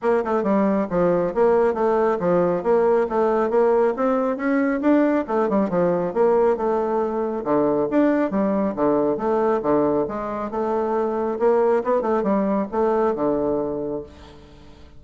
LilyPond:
\new Staff \with { instrumentName = "bassoon" } { \time 4/4 \tempo 4 = 137 ais8 a8 g4 f4 ais4 | a4 f4 ais4 a4 | ais4 c'4 cis'4 d'4 | a8 g8 f4 ais4 a4~ |
a4 d4 d'4 g4 | d4 a4 d4 gis4 | a2 ais4 b8 a8 | g4 a4 d2 | }